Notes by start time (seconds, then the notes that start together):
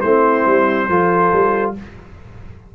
0.00 A3 C4 E4 C5
0.45 G3
0.88 F3 F4 A4
1.32 G3